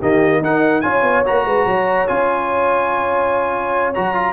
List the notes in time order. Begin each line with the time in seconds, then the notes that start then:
0.00 D#3 A#3 G4 D#5
0.41 D#4 A#4 F#5
0.81 C#4 F4 C#5 G#5
1.03 B3
1.25 A#3 F#4 A#5
1.46 G#3 B4
1.66 F#3 C#5
2.08 C#4 F4 G#5
3.94 F#3 F#4 A#5
4.14 F4